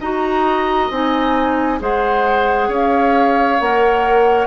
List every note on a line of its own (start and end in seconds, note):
0.00 0.90 D#4
0.00 0.92 F#4
0.00 1.80 D#5
0.00 0.91 A#5
0.90 1.80 C4
0.90 1.80 D#4
0.90 1.81 G#5
1.80 2.69 G#3
1.80 3.59 G#4
1.80 2.69 C5
1.80 2.73 F#5
2.69 3.58 C#4
2.69 4.48 C#5
2.69 3.61 F5
3.61 4.48 A#3
3.61 4.48 A#4
3.61 4.48 F#5